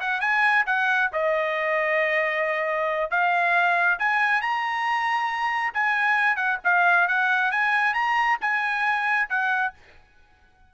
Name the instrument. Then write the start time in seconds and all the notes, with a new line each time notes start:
trumpet
0.00 F#5
0.20 G#5
0.66 F#5
1.12 D#5
3.10 F5
3.98 G#5
4.41 A#5
5.74 G#5
6.36 F#5
6.64 F5
7.07 F#5
7.51 G#5
7.94 A#5
8.41 G#5
9.29 F#5